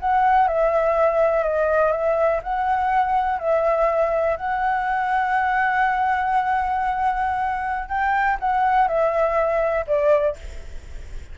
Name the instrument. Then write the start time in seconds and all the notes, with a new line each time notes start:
flute
0.00 F#5
0.48 E5
1.43 D#5
1.92 E5
2.43 F#5
3.39 E5
4.37 F#5
7.89 G5
8.40 F#5
8.88 E5
9.87 D5